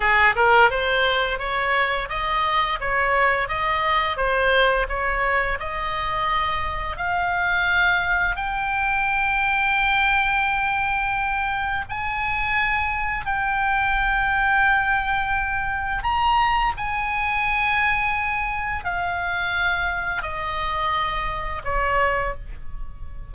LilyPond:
\new Staff \with { instrumentName = "oboe" } { \time 4/4 \tempo 4 = 86 gis'8 ais'8 c''4 cis''4 dis''4 | cis''4 dis''4 c''4 cis''4 | dis''2 f''2 | g''1~ |
g''4 gis''2 g''4~ | g''2. ais''4 | gis''2. f''4~ | f''4 dis''2 cis''4 | }